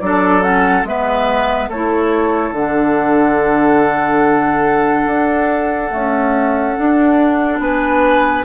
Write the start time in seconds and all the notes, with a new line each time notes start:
0.00 F#3 D4 A4 D5
0.41 C#4 F#5
0.83 G#3 B3 B4 E5
1.68 A3 E4 A4 C#5
2.51 D3 D4 F#5
5.06 D4
5.89 A3 C#4
6.77 D4
7.59 B3 B4 G#5